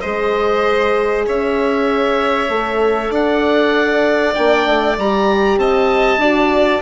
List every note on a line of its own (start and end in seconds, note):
0.00 1.27 G#3
0.00 2.49 G#4
0.00 1.25 C5
0.00 1.24 D#5
1.26 2.49 C#4
1.26 3.11 C#5
1.26 3.13 E5
2.49 3.10 A3
2.49 4.33 A4
3.10 4.33 D4
3.10 5.58 D5
3.10 4.34 F#5
4.33 4.66 A#3
4.33 4.95 D4
4.33 4.96 G5
4.66 4.97 A3
4.97 5.57 G3
4.97 6.21 G4
4.97 5.59 A#5
5.57 6.17 C4
5.57 6.21 D#5
5.57 6.81 A5
6.17 6.79 D4
6.17 6.81 F#4
6.17 6.81 D5